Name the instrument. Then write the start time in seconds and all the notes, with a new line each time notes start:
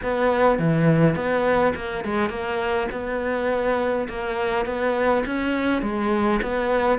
cello
0.02 B3
0.59 E3
1.15 B3
1.75 A#3
2.04 G#3
2.29 A#3
2.91 B3
4.08 A#3
4.65 B3
5.26 C#4
5.82 G#3
6.42 B3